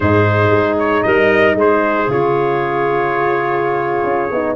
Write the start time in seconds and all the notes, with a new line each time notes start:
0.00 G#2 D#4 G#4 C5
0.50 G#3
0.78 C#5
1.02 G3 A#4 D#5
1.54 G#3 G#4 C5
2.07 C#3 F4 C#5
4.03 C#4
4.31 B3 D#4